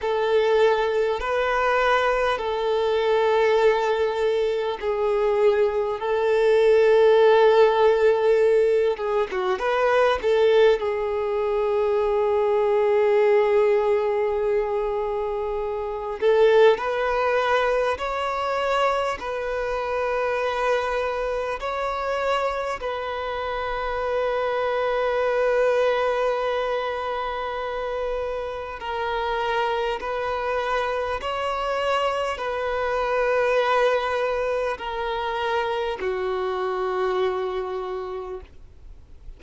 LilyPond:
\new Staff \with { instrumentName = "violin" } { \time 4/4 \tempo 4 = 50 a'4 b'4 a'2 | gis'4 a'2~ a'8 gis'16 fis'16 | b'8 a'8 gis'2.~ | gis'4. a'8 b'4 cis''4 |
b'2 cis''4 b'4~ | b'1 | ais'4 b'4 cis''4 b'4~ | b'4 ais'4 fis'2 | }